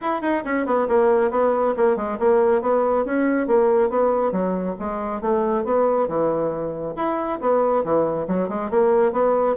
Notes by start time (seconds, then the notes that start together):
0.01 E4
0.21 D#4
0.45 C#4
0.66 B3
0.88 A#3
1.30 B3
1.76 A#3
1.96 G#3
2.19 A#3
2.61 B3
3.05 C#4
3.47 A#3
3.89 B3
4.32 F#3
4.79 G#3
5.21 A3
5.64 B3
6.08 E3
6.96 E4
7.40 B3
7.84 E3
8.27 F#3
8.49 G#3
8.70 A#3
9.12 B3